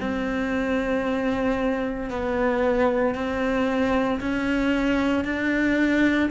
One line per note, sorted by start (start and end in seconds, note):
0.00 2.10 C4
2.10 3.14 B3
3.14 4.20 C4
4.20 5.24 C#4
5.24 6.29 D4